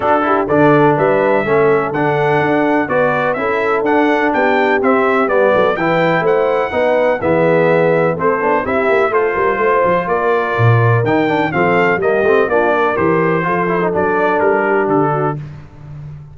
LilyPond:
<<
  \new Staff \with { instrumentName = "trumpet" } { \time 4/4 \tempo 4 = 125 a'4 d''4 e''2 | fis''2 d''4 e''4 | fis''4 g''4 e''4 d''4 | g''4 fis''2 e''4~ |
e''4 c''4 e''4 c''4~ | c''4 d''2 g''4 | f''4 dis''4 d''4 c''4~ | c''4 d''4 ais'4 a'4 | }
  \new Staff \with { instrumentName = "horn" } { \time 4/4 fis'8 g'8 a'4 b'4 a'4~ | a'2 b'4 a'4~ | a'4 g'2~ g'8 a'8 | b'4 c''4 b'4 gis'4~ |
gis'4 a'4 g'4 a'8 ais'8 | c''4 ais'2. | a'4 g'4 f'8 ais'4. | a'2~ a'8 g'4 fis'8 | }
  \new Staff \with { instrumentName = "trombone" } { \time 4/4 d'8 e'8 d'2 cis'4 | d'2 fis'4 e'4 | d'2 c'4 b4 | e'2 dis'4 b4~ |
b4 c'8 d'8 e'4 f'4~ | f'2. dis'8 d'8 | c'4 ais8 c'8 d'4 g'4 | f'8 e'16 dis'16 d'2. | }
  \new Staff \with { instrumentName = "tuba" } { \time 4/4 d'4 d4 g4 a4 | d4 d'4 b4 cis'4 | d'4 b4 c'4 g8 fis8 | e4 a4 b4 e4~ |
e4 a8 b8 c'8 ais8 a8 g8 | a8 f8 ais4 ais,4 dis4 | f4 g8 a8 ais4 e4 | f4 fis4 g4 d4 | }
>>